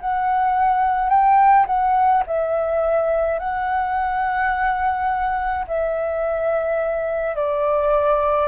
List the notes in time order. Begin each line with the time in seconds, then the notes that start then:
0.00 F#5
1.09 G5
1.67 F#5
2.27 E5
3.39 F#5
5.68 E5
7.36 D5